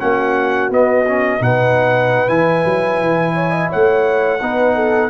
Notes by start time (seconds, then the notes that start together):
0.00 A#3 C#4 F#4 F#5
0.70 B3 D#5
1.07 C#4
1.40 B2 D#4 B4 F#5
2.28 E3 E4 G#5
2.65 F#3
3.00 E3
3.34 C#5
3.51 D#5
3.69 A3 C#5 F#5
4.40 B3 D#4 B4
4.75 A4